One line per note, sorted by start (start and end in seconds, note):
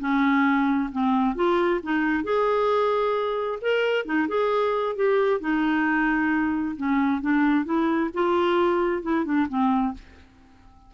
0.00 0.90 C#4
0.92 1.36 C4
1.36 1.81 F4
1.83 2.24 D#4
2.24 3.59 G#4
3.62 4.05 A#4
4.05 4.28 D#4
4.28 4.96 G#4
4.96 5.41 G4
5.41 6.76 D#4
6.77 7.22 C#4
7.22 7.65 D4
7.65 8.10 E4
8.14 9.03 F4
9.03 9.25 E4
9.25 9.48 D4
9.49 9.94 C4